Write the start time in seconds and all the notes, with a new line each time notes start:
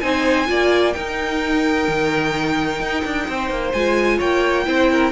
0.00 C4 D#4 C5 G#5
0.46 A#3 F4 D5
0.93 D#4 A#4 G5
1.88 D#3
2.80 D#4
3.05 D4
3.28 C4 C5
3.50 A#3
3.72 G#3 F4 G#5
4.18 A#3 C#5 G5
4.65 C4 E4 C5
4.91 A#4